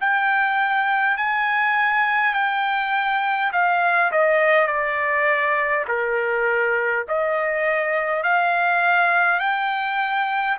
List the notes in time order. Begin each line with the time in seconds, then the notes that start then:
0.00 G5
1.17 G#5
2.34 G5
3.52 F5
4.11 D#5
4.67 D5
5.88 A#4
7.07 D#5
8.23 F5
9.39 G5